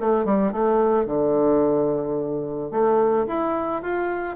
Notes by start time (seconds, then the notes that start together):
0.00 A3
0.25 G3
0.52 A3
1.06 D3
2.71 A3
3.27 E4
3.82 F4